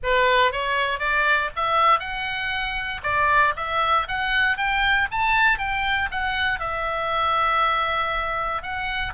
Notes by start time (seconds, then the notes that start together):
0.03 B4
0.52 C#5
0.99 D5
1.56 E5
1.99 F#5
3.03 D5
3.56 E5
4.07 F#5
4.57 G5
5.11 A5
5.58 G5
6.11 F#5
6.59 E5
8.62 F#5